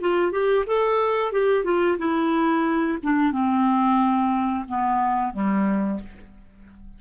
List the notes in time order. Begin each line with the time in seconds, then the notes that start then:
0.00 F4
0.32 G4
0.66 A4
1.32 G4
1.64 F4
1.98 E4
3.03 D4
3.32 C4
4.68 B3
5.33 G3